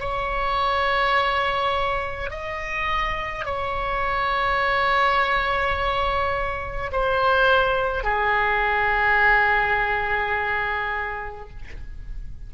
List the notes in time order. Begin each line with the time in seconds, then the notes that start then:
0.00 C#5
2.30 D#5
3.45 C#5
6.92 C5
8.03 G#4